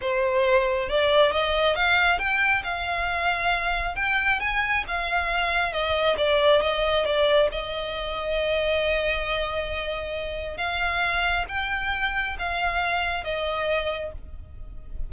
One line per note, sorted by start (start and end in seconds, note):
0.01 0.89 C5
0.89 1.32 D5
1.32 1.75 D#5
1.75 2.18 F5
2.18 2.62 G5
2.63 3.95 F5
3.95 4.39 G5
4.40 4.84 G#5
4.87 5.72 F5
5.72 6.16 D#5
6.17 6.61 D5
6.61 7.05 D#5
7.05 7.49 D5
7.51 10.57 D#5
10.57 11.45 F5
11.48 12.36 G5
12.38 13.24 F5
13.24 14.12 D#5